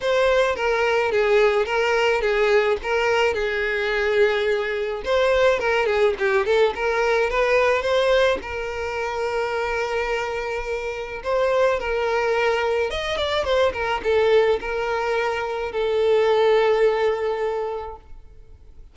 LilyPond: \new Staff \with { instrumentName = "violin" } { \time 4/4 \tempo 4 = 107 c''4 ais'4 gis'4 ais'4 | gis'4 ais'4 gis'2~ | gis'4 c''4 ais'8 gis'8 g'8 a'8 | ais'4 b'4 c''4 ais'4~ |
ais'1 | c''4 ais'2 dis''8 d''8 | c''8 ais'8 a'4 ais'2 | a'1 | }